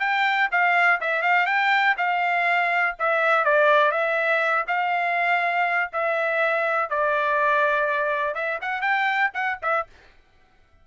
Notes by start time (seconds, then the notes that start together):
0.00 G5
0.51 F5
1.01 E5
1.22 F5
1.46 G5
1.98 F5
2.99 E5
3.45 D5
3.91 E5
4.68 F5
5.93 E5
6.90 D5
8.35 E5
8.62 F#5
8.81 G5
9.34 F#5
9.62 E5